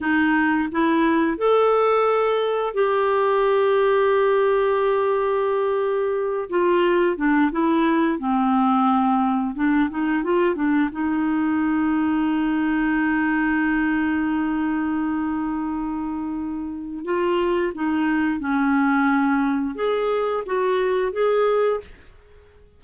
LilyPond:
\new Staff \with { instrumentName = "clarinet" } { \time 4/4 \tempo 4 = 88 dis'4 e'4 a'2 | g'1~ | g'4. f'4 d'8 e'4 | c'2 d'8 dis'8 f'8 d'8 |
dis'1~ | dis'1~ | dis'4 f'4 dis'4 cis'4~ | cis'4 gis'4 fis'4 gis'4 | }